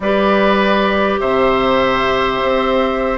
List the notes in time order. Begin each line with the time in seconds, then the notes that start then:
0.00 G3 G4 B4 D5
1.20 C3 C5 E5
2.43 C4